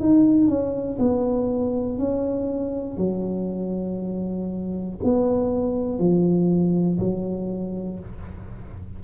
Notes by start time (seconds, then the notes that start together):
0.00 D#4
0.48 C#4
0.99 B3
1.98 C#4
2.97 F#3
5.04 B3
5.99 F3
6.99 F#3